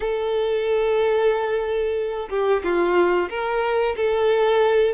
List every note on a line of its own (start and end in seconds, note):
0.00 2.29 A4
2.29 2.62 G4
2.63 3.29 F4
3.29 3.95 A#4
3.96 4.94 A4